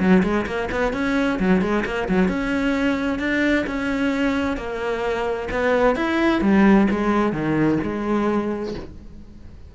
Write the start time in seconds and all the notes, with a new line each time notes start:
0.00 F#3
0.23 G#3
0.46 A#3
0.72 B3
0.93 C#4
1.39 F#3
1.62 G#3
1.85 A#3
2.09 F#3
2.29 C#4
3.19 D4
3.67 C#4
4.57 A#3
5.51 B3
5.96 E4
6.42 G3
6.91 G#3
7.33 D#3
7.83 G#3